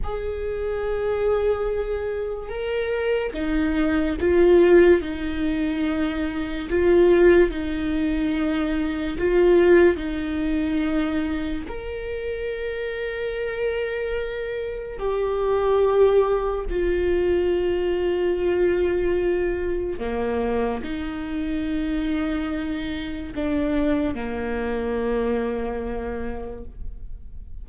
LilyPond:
\new Staff \with { instrumentName = "viola" } { \time 4/4 \tempo 4 = 72 gis'2. ais'4 | dis'4 f'4 dis'2 | f'4 dis'2 f'4 | dis'2 ais'2~ |
ais'2 g'2 | f'1 | ais4 dis'2. | d'4 ais2. | }